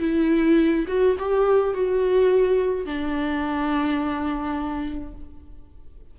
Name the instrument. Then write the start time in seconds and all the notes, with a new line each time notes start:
viola
0.00 E4
0.88 F#4
1.19 G4
1.74 F#4
2.86 D4